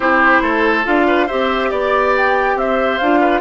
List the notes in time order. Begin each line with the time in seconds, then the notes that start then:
0.00 C4 E4 G4 C5
0.41 A3 A4
0.84 D4 F4 F5
1.07 B4
1.26 C4 G4 C5 E5
1.70 B3 D5
2.16 G5
2.55 C4 C5 E5
2.98 D4 F4 F5
3.20 B4